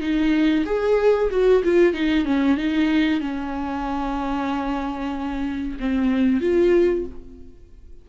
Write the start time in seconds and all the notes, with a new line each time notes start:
0.00 D#4
0.65 G#4
1.30 F#4
1.64 F4
1.93 D#4
2.25 C#4
2.57 D#4
3.20 C#4
5.79 C4
6.40 F4